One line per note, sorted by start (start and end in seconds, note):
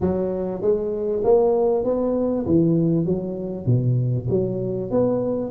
0.00 0.61 F#3
0.61 1.22 G#3
1.24 1.84 A#3
1.84 2.45 B3
2.46 3.05 E3
3.05 3.66 F#3
3.66 4.27 B2
4.30 4.90 F#3
4.90 5.50 B3